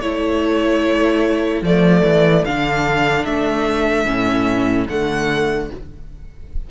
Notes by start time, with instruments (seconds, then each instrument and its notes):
0.00 cello A3, viola E4, violin A4 C#5
1.62 cello F3, viola A3, violin D5
2.04 cello E3
2.45 cello D3, viola D4, violin F5
3.25 cello A3, violin E5
4.06 cello A2, viola C#4
4.90 cello D3, viola A3, violin F#5